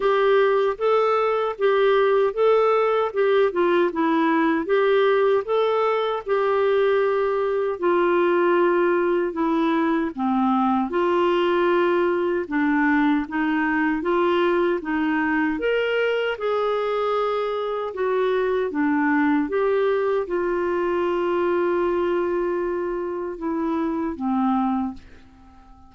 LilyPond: \new Staff \with { instrumentName = "clarinet" } { \time 4/4 \tempo 4 = 77 g'4 a'4 g'4 a'4 | g'8 f'8 e'4 g'4 a'4 | g'2 f'2 | e'4 c'4 f'2 |
d'4 dis'4 f'4 dis'4 | ais'4 gis'2 fis'4 | d'4 g'4 f'2~ | f'2 e'4 c'4 | }